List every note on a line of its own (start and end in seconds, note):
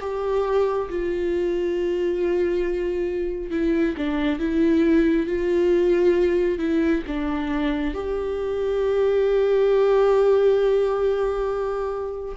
0.00 0.88 G4
0.89 3.51 F4
3.51 3.95 E4
3.97 4.39 D4
4.39 5.26 E4
5.26 6.58 F4
6.58 7.02 E4
7.07 7.94 D4
7.94 12.35 G4